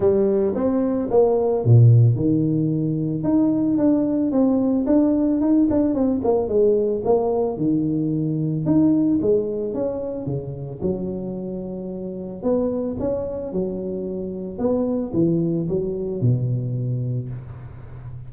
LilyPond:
\new Staff \with { instrumentName = "tuba" } { \time 4/4 \tempo 4 = 111 g4 c'4 ais4 ais,4 | dis2 dis'4 d'4 | c'4 d'4 dis'8 d'8 c'8 ais8 | gis4 ais4 dis2 |
dis'4 gis4 cis'4 cis4 | fis2. b4 | cis'4 fis2 b4 | e4 fis4 b,2 | }